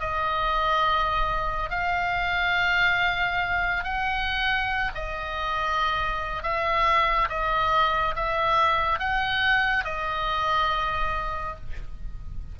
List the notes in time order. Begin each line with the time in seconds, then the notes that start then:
0.00 D#5
1.70 F5
3.84 F#5
4.95 D#5
6.43 E5
7.29 D#5
8.15 E5
8.99 F#5
9.85 D#5